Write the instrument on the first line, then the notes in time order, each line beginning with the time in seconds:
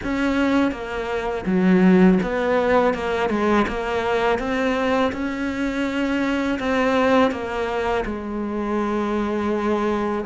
cello
0.03 C#4
0.72 A#3
1.45 F#3
2.23 B3
2.94 A#3
3.29 G#3
3.67 A#3
4.39 C4
5.12 C#4
6.59 C4
7.31 A#3
8.05 G#3